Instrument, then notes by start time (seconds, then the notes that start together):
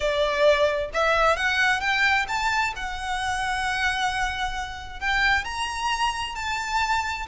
violin
0.00 D5
0.93 E5
1.36 F#5
1.80 G5
2.28 A5
2.76 F#5
5.00 G5
5.44 A#5
6.35 A5